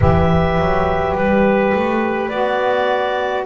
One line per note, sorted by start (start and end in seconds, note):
0.00 0.58 E3
0.00 2.30 G4
0.00 3.45 B4
0.00 1.16 E5
0.58 1.15 F#3
1.15 1.73 G3
1.15 2.28 B4
1.74 2.30 A3
2.28 3.45 B3
2.28 3.45 F#4
2.28 3.44 D5